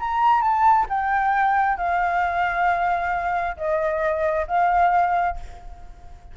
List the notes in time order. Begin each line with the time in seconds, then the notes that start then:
0.00 A#5
0.42 A5
0.89 G5
1.77 F5
3.57 D#5
4.47 F5